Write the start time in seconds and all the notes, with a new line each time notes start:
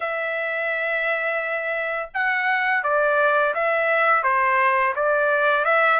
0.00 E5
2.14 F#5
2.83 D5
3.54 E5
4.23 C5
4.95 D5
5.65 E5